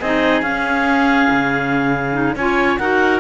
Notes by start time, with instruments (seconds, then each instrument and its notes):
0.00 cello C4, clarinet D#4 D#5, oboe G#4
0.42 cello C#4, clarinet C#4 F5
1.31 cello C#3
2.13 clarinet D#4
2.36 cello C#4, clarinet F4 G#5, oboe C#5
2.78 cello D#4, clarinet F#4 F#5, oboe A#4